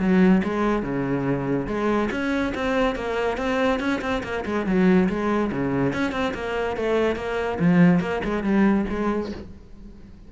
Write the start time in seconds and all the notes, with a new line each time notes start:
0.00 F#3
0.44 G#3
0.83 C#3
1.67 G#3
2.11 C#4
2.55 C4
2.96 A#3
3.38 C4
3.80 C#4
4.02 C4
4.24 A#3
4.46 G#3
4.67 F#3
5.09 G#3
5.52 C#3
5.93 C#4
6.12 C4
6.35 A#3
6.77 A3
7.16 A#3
7.60 F3
8.01 A#3
8.25 G#3
8.44 G3
8.90 G#3